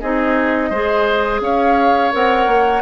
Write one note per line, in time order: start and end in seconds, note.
0.00 0.71 C4
0.00 0.73 D#4
0.00 0.70 G#4
0.00 1.41 D#5
0.70 1.40 G#3
0.70 2.12 G#4
0.70 1.40 C5
1.40 2.11 C#4
1.40 2.82 C#5
1.40 2.13 F5
2.12 2.47 C4
2.12 2.82 A#4
2.12 2.82 F#5
2.47 2.82 A#3